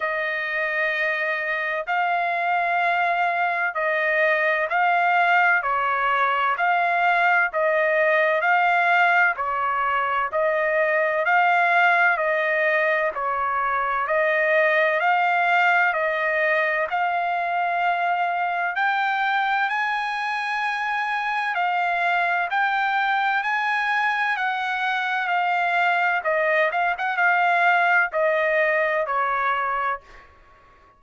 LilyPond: \new Staff \with { instrumentName = "trumpet" } { \time 4/4 \tempo 4 = 64 dis''2 f''2 | dis''4 f''4 cis''4 f''4 | dis''4 f''4 cis''4 dis''4 | f''4 dis''4 cis''4 dis''4 |
f''4 dis''4 f''2 | g''4 gis''2 f''4 | g''4 gis''4 fis''4 f''4 | dis''8 f''16 fis''16 f''4 dis''4 cis''4 | }